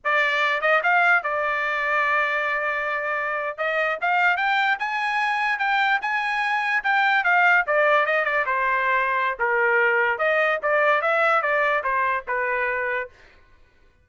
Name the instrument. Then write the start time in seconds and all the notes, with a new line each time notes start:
trumpet
0.04 D5
0.61 D#5
0.83 F5
1.23 D5
3.57 D#5
4.01 F5
4.37 G5
4.79 G#5
5.59 G5
6.01 G#5
6.83 G5
7.24 F5
7.66 D5
8.06 D#5
8.24 D5
8.46 C5
9.39 A#4
10.18 D#5
10.62 D5
11.01 E5
11.42 D5
11.83 C5
12.27 B4